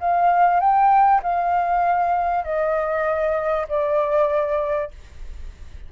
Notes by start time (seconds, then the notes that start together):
0.00 F5
0.60 G5
1.23 F5
2.45 D#5
3.69 D5